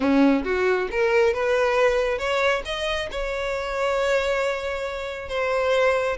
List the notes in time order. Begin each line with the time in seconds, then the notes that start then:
0.00 C#4
0.44 F#4
0.91 A#4
1.33 B4
2.18 C#5
2.65 D#5
3.11 C#5
5.28 C5